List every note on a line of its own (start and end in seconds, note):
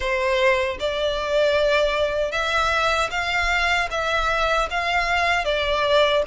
0.00 0.77 C5
0.79 2.31 D5
2.31 3.09 E5
3.10 3.88 F5
3.91 4.69 E5
4.70 5.44 F5
5.44 6.22 D5